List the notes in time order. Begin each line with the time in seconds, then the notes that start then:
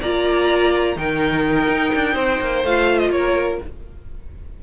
0.00 A#3 F4 D5 A#5
0.95 D#3 D#4 A#4 G5
1.68 D#4
1.95 D4
2.14 C4 C5
2.41 A#3
2.64 A3 F4 F5
2.99 D#5
3.10 A#3 A#4 C#5